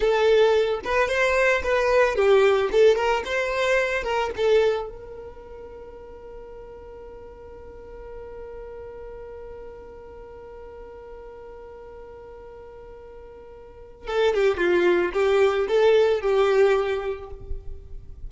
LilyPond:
\new Staff \with { instrumentName = "violin" } { \time 4/4 \tempo 4 = 111 a'4. b'8 c''4 b'4 | g'4 a'8 ais'8 c''4. ais'8 | a'4 ais'2.~ | ais'1~ |
ais'1~ | ais'1~ | ais'2 a'8 g'8 f'4 | g'4 a'4 g'2 | }